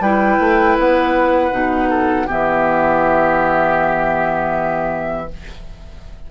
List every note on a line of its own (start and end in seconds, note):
0.00 0.38 G3
0.00 1.51 E4
0.00 1.90 B4
0.00 0.77 G5
0.39 0.77 A3
0.79 1.52 B3
0.79 2.30 F#5
1.51 2.27 B2
1.51 2.26 D#4
1.90 2.27 A4
2.27 5.31 E3
2.27 5.29 B3
2.27 5.27 G4
2.27 5.31 E5